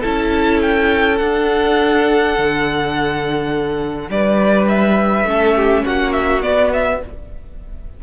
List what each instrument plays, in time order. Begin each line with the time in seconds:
0.00 cello C#4, viola E4, violin A4 A5
0.61 violin G5
1.17 viola D4, cello D4, violin F#5
2.38 cello D3
4.09 cello G3, violin B4 D5
4.68 violin E5
5.24 cello A3, viola C#4, violin A4
5.56 violin G4
5.84 cello A#3, violin F#4 F#5
6.12 violin E5
6.42 viola B3, cello B3, violin D5
6.73 violin E5